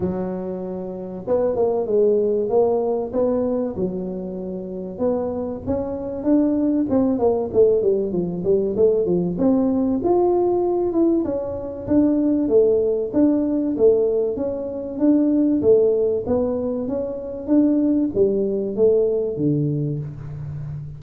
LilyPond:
\new Staff \with { instrumentName = "tuba" } { \time 4/4 \tempo 4 = 96 fis2 b8 ais8 gis4 | ais4 b4 fis2 | b4 cis'4 d'4 c'8 ais8 | a8 g8 f8 g8 a8 f8 c'4 |
f'4. e'8 cis'4 d'4 | a4 d'4 a4 cis'4 | d'4 a4 b4 cis'4 | d'4 g4 a4 d4 | }